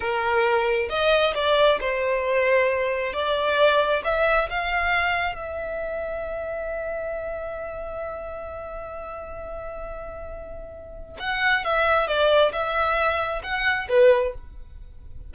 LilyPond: \new Staff \with { instrumentName = "violin" } { \time 4/4 \tempo 4 = 134 ais'2 dis''4 d''4 | c''2. d''4~ | d''4 e''4 f''2 | e''1~ |
e''1~ | e''1~ | e''4 fis''4 e''4 d''4 | e''2 fis''4 b'4 | }